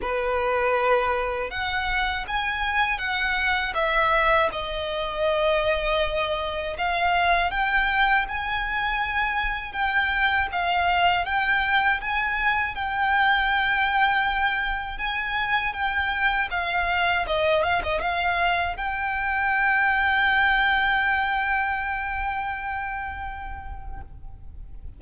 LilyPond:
\new Staff \with { instrumentName = "violin" } { \time 4/4 \tempo 4 = 80 b'2 fis''4 gis''4 | fis''4 e''4 dis''2~ | dis''4 f''4 g''4 gis''4~ | gis''4 g''4 f''4 g''4 |
gis''4 g''2. | gis''4 g''4 f''4 dis''8 f''16 dis''16 | f''4 g''2.~ | g''1 | }